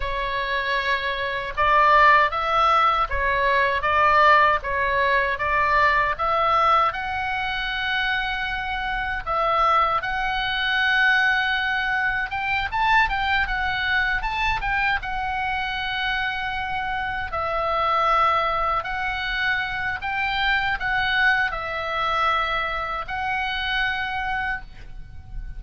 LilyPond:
\new Staff \with { instrumentName = "oboe" } { \time 4/4 \tempo 4 = 78 cis''2 d''4 e''4 | cis''4 d''4 cis''4 d''4 | e''4 fis''2. | e''4 fis''2. |
g''8 a''8 g''8 fis''4 a''8 g''8 fis''8~ | fis''2~ fis''8 e''4.~ | e''8 fis''4. g''4 fis''4 | e''2 fis''2 | }